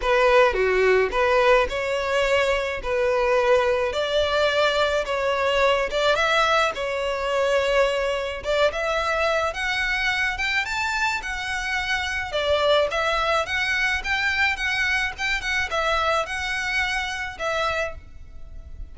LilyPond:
\new Staff \with { instrumentName = "violin" } { \time 4/4 \tempo 4 = 107 b'4 fis'4 b'4 cis''4~ | cis''4 b'2 d''4~ | d''4 cis''4. d''8 e''4 | cis''2. d''8 e''8~ |
e''4 fis''4. g''8 a''4 | fis''2 d''4 e''4 | fis''4 g''4 fis''4 g''8 fis''8 | e''4 fis''2 e''4 | }